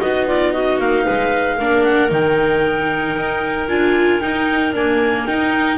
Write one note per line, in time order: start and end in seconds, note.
0.00 0.80 B3
0.00 1.58 D#4
0.00 0.27 F#4
0.00 0.27 D#5
0.27 0.53 F4
0.27 0.53 D5
0.53 1.04 F#4
0.53 0.79 D#5
0.80 1.06 A#3
0.80 1.84 F5
1.04 1.60 G#3
1.04 1.57 B4
1.57 2.11 A#3
1.57 2.10 D4
1.57 5.78 A#4
1.84 2.10 F#5
2.10 3.16 D#3
2.10 3.68 D#4
2.10 3.69 G5
3.16 3.69 D#4
3.69 4.22 D4
3.69 4.21 F4
3.69 4.21 G#5
4.21 4.74 D#4
4.21 4.73 D#4
4.21 4.73 G5
4.73 5.28 A#3
4.73 5.26 D4
4.73 5.26 G#5
5.26 5.79 D#4
5.26 5.79 G5